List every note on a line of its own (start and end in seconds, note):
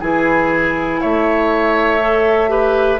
0.00 1.00 E3
0.00 2.00 E4
0.00 1.00 G#4
0.00 1.00 G#5
1.00 3.00 A3
1.00 2.50 C#5
1.00 3.00 E5
2.00 2.48 A4
2.48 2.98 G4
2.48 3.00 B4